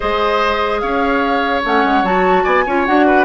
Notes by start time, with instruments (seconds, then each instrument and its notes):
0.00 bassoon G#3, clarinet G#4, oboe C5, flute D#5
0.80 bassoon C#4, oboe C#5, flute F5
1.64 bassoon A3, clarinet C#4, flute F#5
1.84 bassoon G#3
2.03 bassoon F#3, clarinet F#4, flute A5
2.43 bassoon B3, oboe D5, flute G#5
2.66 bassoon C#4, clarinet F4, oboe C#5
2.86 bassoon D4, clarinet F#4, flute F#5
3.06 oboe B4